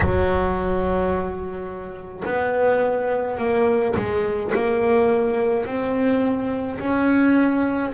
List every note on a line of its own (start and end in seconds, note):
0.00 2.23 F#3
2.25 3.38 B3
3.38 3.94 A#3
3.96 4.52 G#3
4.54 5.66 A#3
5.66 6.79 C4
6.79 7.92 C#4